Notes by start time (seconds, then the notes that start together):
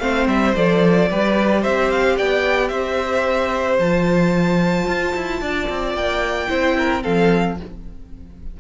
0.00 A3 C4 C5 F5
0.27 G3 E5
0.56 F3 A4 D5
1.10 G3 G4 B4
1.62 C4 C5 E5
1.91 F5
2.17 B3 D5 G5
2.69 C4 C5 E5
3.79 F3 F4 A5
4.87 F4
5.16 E4
5.41 D4 D5
5.70 C4
5.94 A#3 G5
6.49 C4 E4 C5
6.78 A#4
7.02 F3 C4 A4 F5